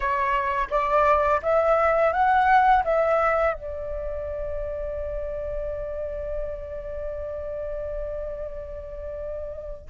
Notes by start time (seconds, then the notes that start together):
0.00 C#5
0.70 D5
1.42 E5
2.12 F#5
2.84 E5
3.53 D5